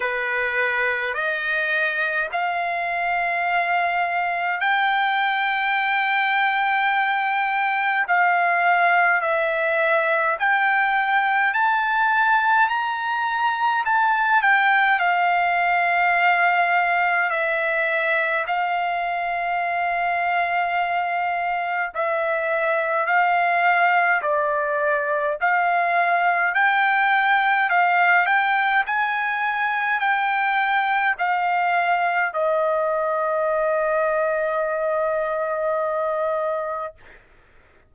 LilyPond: \new Staff \with { instrumentName = "trumpet" } { \time 4/4 \tempo 4 = 52 b'4 dis''4 f''2 | g''2. f''4 | e''4 g''4 a''4 ais''4 | a''8 g''8 f''2 e''4 |
f''2. e''4 | f''4 d''4 f''4 g''4 | f''8 g''8 gis''4 g''4 f''4 | dis''1 | }